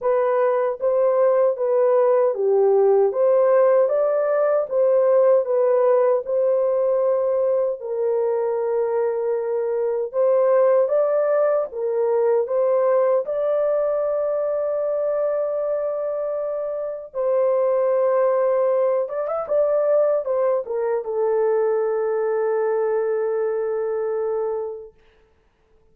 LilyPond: \new Staff \with { instrumentName = "horn" } { \time 4/4 \tempo 4 = 77 b'4 c''4 b'4 g'4 | c''4 d''4 c''4 b'4 | c''2 ais'2~ | ais'4 c''4 d''4 ais'4 |
c''4 d''2.~ | d''2 c''2~ | c''8 d''16 e''16 d''4 c''8 ais'8 a'4~ | a'1 | }